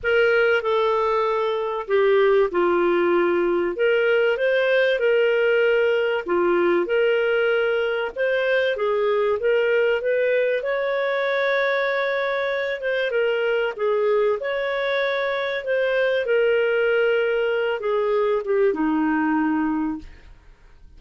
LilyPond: \new Staff \with { instrumentName = "clarinet" } { \time 4/4 \tempo 4 = 96 ais'4 a'2 g'4 | f'2 ais'4 c''4 | ais'2 f'4 ais'4~ | ais'4 c''4 gis'4 ais'4 |
b'4 cis''2.~ | cis''8 c''8 ais'4 gis'4 cis''4~ | cis''4 c''4 ais'2~ | ais'8 gis'4 g'8 dis'2 | }